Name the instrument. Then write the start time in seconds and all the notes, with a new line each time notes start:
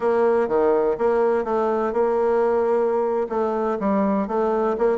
bassoon
0.00 A#3
0.48 D#3
0.98 A#3
1.44 A3
1.92 A#3
3.29 A3
3.79 G3
4.27 A3
4.78 A#3